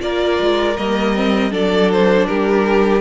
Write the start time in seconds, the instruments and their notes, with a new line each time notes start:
0.00 cello A#3, viola F4, violin A#4 D5
0.40 cello G#3
0.77 cello G3, viola A#3, violin D#5
1.16 viola C4
1.51 cello F#3, viola D4, violin A4 D5
1.92 violin C5
2.27 cello G3, violin G4 A#4